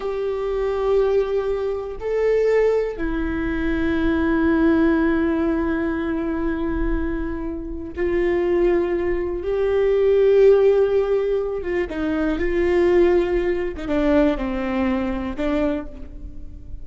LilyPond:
\new Staff \with { instrumentName = "viola" } { \time 4/4 \tempo 4 = 121 g'1 | a'2 e'2~ | e'1~ | e'1 |
f'2. g'4~ | g'2.~ g'8 f'8 | dis'4 f'2~ f'8. dis'16 | d'4 c'2 d'4 | }